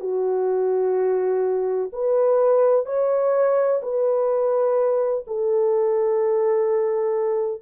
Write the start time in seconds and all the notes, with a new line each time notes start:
0.00 F#4
1.93 B4
2.86 C#5
3.82 B4
5.27 A4